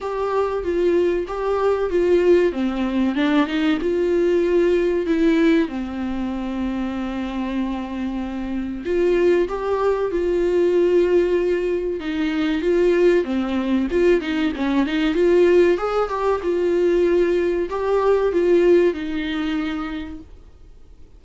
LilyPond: \new Staff \with { instrumentName = "viola" } { \time 4/4 \tempo 4 = 95 g'4 f'4 g'4 f'4 | c'4 d'8 dis'8 f'2 | e'4 c'2.~ | c'2 f'4 g'4 |
f'2. dis'4 | f'4 c'4 f'8 dis'8 cis'8 dis'8 | f'4 gis'8 g'8 f'2 | g'4 f'4 dis'2 | }